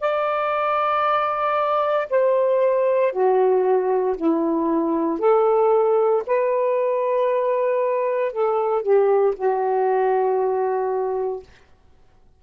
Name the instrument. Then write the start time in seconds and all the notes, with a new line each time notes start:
saxophone
0.00 D5
2.10 C5
3.13 F#4
4.17 E4
5.19 A4
6.27 B4
8.33 A4
8.82 G4
9.36 F#4